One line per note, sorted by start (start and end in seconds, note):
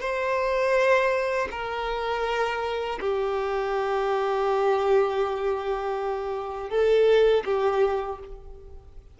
0.00 1.48 C5
1.51 2.99 A#4
3.00 6.69 G4
6.69 7.43 A4
7.45 8.19 G4